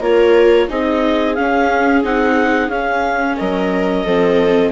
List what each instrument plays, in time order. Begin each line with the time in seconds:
0.00 bassoon A#3, viola F4 A#4, clarinet C#5
0.69 bassoon C4, viola D#4 G#4, clarinet D#5
1.35 viola C#4, bassoon C#4, clarinet F5
2.04 bassoon C4, viola D#4, clarinet F#5
2.69 bassoon C#4, viola C#4, clarinet F5
3.37 bassoon F#3, viola A#4, clarinet D#5
4.05 bassoon F3, viola C4 A4